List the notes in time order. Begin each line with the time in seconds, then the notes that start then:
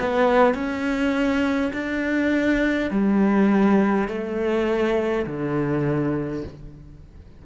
0.00 B3
0.54 C#4
1.73 D4
2.90 G3
4.08 A3
5.26 D3